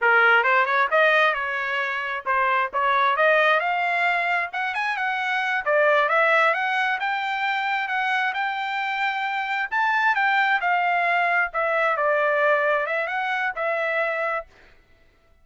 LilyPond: \new Staff \with { instrumentName = "trumpet" } { \time 4/4 \tempo 4 = 133 ais'4 c''8 cis''8 dis''4 cis''4~ | cis''4 c''4 cis''4 dis''4 | f''2 fis''8 gis''8 fis''4~ | fis''8 d''4 e''4 fis''4 g''8~ |
g''4. fis''4 g''4.~ | g''4. a''4 g''4 f''8~ | f''4. e''4 d''4.~ | d''8 e''8 fis''4 e''2 | }